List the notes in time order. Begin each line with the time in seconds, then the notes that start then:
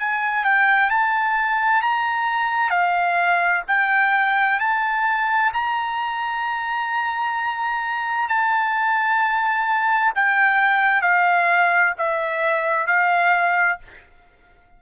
0.00 G#5
0.45 G5
0.90 A5
1.82 A#5
2.70 F5
3.68 G5
4.60 A5
5.53 A#5
8.29 A5
10.15 G5
11.02 F5
11.98 E5
12.87 F5